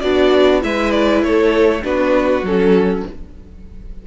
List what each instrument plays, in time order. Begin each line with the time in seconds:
0.00 cello B3, violin D4 D5, viola F#4
0.60 cello G#3, viola E4, violin B4 E5
0.91 violin D5
1.23 cello A3, violin A4 C#5
1.82 cello B3, viola D4, violin F#4 B4
2.42 cello F#3, viola C#4, violin A4